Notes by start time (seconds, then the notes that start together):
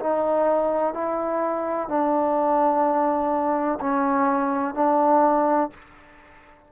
0.00 D#4
0.94 E4
1.89 D4
3.81 C#4
4.75 D4